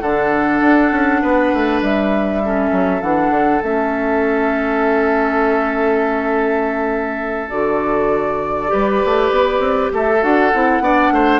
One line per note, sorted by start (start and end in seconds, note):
0.00 0.61 D3
0.00 2.44 D4
0.00 1.21 A4
0.00 1.80 F#5
0.61 0.91 D4
0.91 1.21 C#4
1.21 1.52 B3
1.21 2.41 B4
1.53 1.81 A3
1.81 2.71 G3
1.81 3.02 E5
2.44 3.01 C#4
2.44 8.72 A4
2.71 3.02 F#3
3.01 3.30 E3
3.01 3.61 D4
3.01 3.62 F#5
3.30 3.60 D3
3.62 7.51 A3
3.62 7.48 C#4
3.62 7.49 E5
7.48 8.71 D3
7.48 8.67 F#4
7.48 9.89 D5
8.67 9.02 G3
8.67 10.17 G4
8.67 9.92 B4
9.05 9.31 A3
9.31 9.59 B3
9.59 9.89 C4
9.93 10.23 A3
9.93 10.83 A4
9.93 10.23 E5
10.20 10.53 D4
10.20 10.50 F#4
10.20 11.40 F#5
10.54 10.80 C4
10.54 10.82 E4
10.80 11.10 B3
10.80 11.40 D4
10.80 11.13 D5
11.11 11.40 A3
11.11 11.40 C5